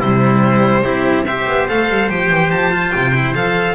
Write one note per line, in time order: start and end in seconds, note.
0.00 0.83 C3
0.00 0.84 G3
0.00 0.84 E4
0.00 1.25 C5
0.84 1.46 C4
0.84 1.26 E4
0.84 1.26 G4
1.25 1.69 G4
1.25 3.75 C5
1.25 1.67 E5
1.48 1.69 B3
1.69 1.90 A3
1.69 2.10 A4
1.69 2.11 F5
1.90 2.11 G3
2.10 2.31 F3
2.10 2.72 G4
2.10 2.51 G5
2.31 2.51 E3
2.51 2.93 F3
2.51 2.92 A5
2.72 3.13 F4
2.92 3.35 C3
2.92 3.34 G5
3.15 3.35 E4
3.35 3.75 F3
3.35 3.75 A4
3.35 3.75 F5